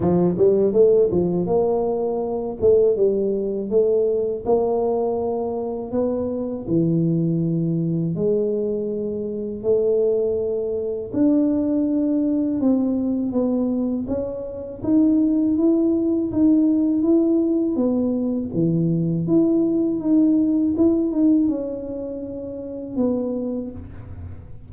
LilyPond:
\new Staff \with { instrumentName = "tuba" } { \time 4/4 \tempo 4 = 81 f8 g8 a8 f8 ais4. a8 | g4 a4 ais2 | b4 e2 gis4~ | gis4 a2 d'4~ |
d'4 c'4 b4 cis'4 | dis'4 e'4 dis'4 e'4 | b4 e4 e'4 dis'4 | e'8 dis'8 cis'2 b4 | }